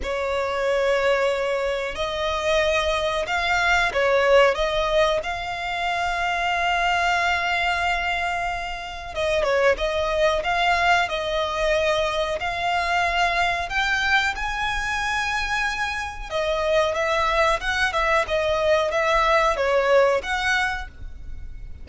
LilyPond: \new Staff \with { instrumentName = "violin" } { \time 4/4 \tempo 4 = 92 cis''2. dis''4~ | dis''4 f''4 cis''4 dis''4 | f''1~ | f''2 dis''8 cis''8 dis''4 |
f''4 dis''2 f''4~ | f''4 g''4 gis''2~ | gis''4 dis''4 e''4 fis''8 e''8 | dis''4 e''4 cis''4 fis''4 | }